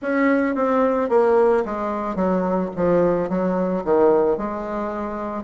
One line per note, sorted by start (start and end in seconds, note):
0.01 0.55 C#4
0.55 1.09 C4
1.09 1.64 A#3
1.65 2.15 G#3
2.15 2.70 F#3
2.76 3.29 F3
3.29 3.83 F#3
3.84 4.37 D#3
4.37 5.43 G#3